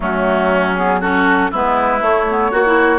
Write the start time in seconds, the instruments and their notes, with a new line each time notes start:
0.00 bassoon F#3, clarinet A3, oboe C#4, flute F#4
0.75 clarinet B3, flute G#4
1.00 clarinet C#4, oboe F#4, flute A4
1.51 bassoon G#3, clarinet B3, oboe E4, flute B4
2.00 clarinet A3, bassoon A3, flute C#5
2.30 clarinet B3
2.51 bassoon A#3, oboe F#4, clarinet F#4
2.65 clarinet E4